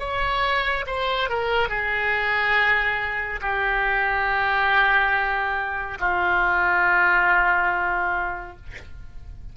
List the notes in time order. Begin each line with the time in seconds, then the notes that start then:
0.00 C#5
0.87 C5
1.30 A#4
1.69 G#4
3.42 G4
6.00 F4